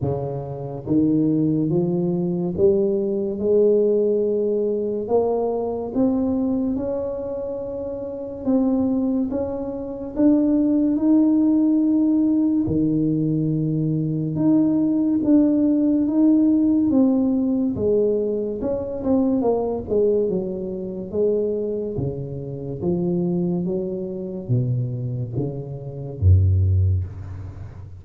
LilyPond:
\new Staff \with { instrumentName = "tuba" } { \time 4/4 \tempo 4 = 71 cis4 dis4 f4 g4 | gis2 ais4 c'4 | cis'2 c'4 cis'4 | d'4 dis'2 dis4~ |
dis4 dis'4 d'4 dis'4 | c'4 gis4 cis'8 c'8 ais8 gis8 | fis4 gis4 cis4 f4 | fis4 b,4 cis4 fis,4 | }